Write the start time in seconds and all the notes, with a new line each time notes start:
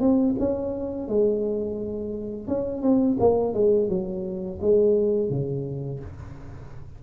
0.00 C4
0.39 C#4
1.08 G#3
2.48 C#4
2.82 C4
3.20 A#3
3.54 G#3
3.89 F#3
4.61 G#3
5.29 C#3